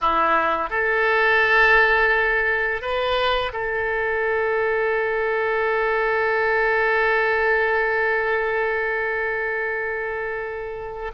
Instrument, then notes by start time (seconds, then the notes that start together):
oboe
0.01 E4
0.70 A4
2.81 B4
3.52 A4